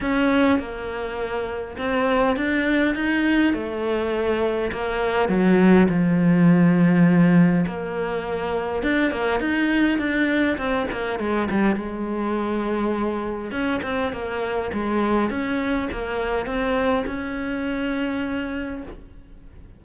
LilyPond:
\new Staff \with { instrumentName = "cello" } { \time 4/4 \tempo 4 = 102 cis'4 ais2 c'4 | d'4 dis'4 a2 | ais4 fis4 f2~ | f4 ais2 d'8 ais8 |
dis'4 d'4 c'8 ais8 gis8 g8 | gis2. cis'8 c'8 | ais4 gis4 cis'4 ais4 | c'4 cis'2. | }